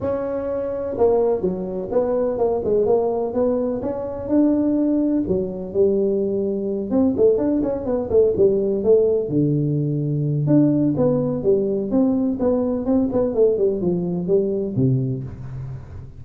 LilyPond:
\new Staff \with { instrumentName = "tuba" } { \time 4/4 \tempo 4 = 126 cis'2 ais4 fis4 | b4 ais8 gis8 ais4 b4 | cis'4 d'2 fis4 | g2~ g8 c'8 a8 d'8 |
cis'8 b8 a8 g4 a4 d8~ | d2 d'4 b4 | g4 c'4 b4 c'8 b8 | a8 g8 f4 g4 c4 | }